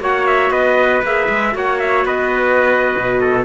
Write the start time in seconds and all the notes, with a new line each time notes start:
0.00 A#3 F#4 C#5 F#5
0.27 E5
0.51 B3 B4 D#5
1.03 A#3 G#4 E5
1.29 G#3
1.53 A#3 F#4 C#5 F#5
1.80 E5
2.06 B3 B4 D#5
2.98 B2
3.21 A4